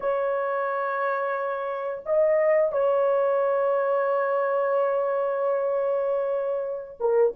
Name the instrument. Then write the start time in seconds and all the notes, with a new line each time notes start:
horn
0.00 C#5
2.05 D#5
2.71 C#5
6.99 A#4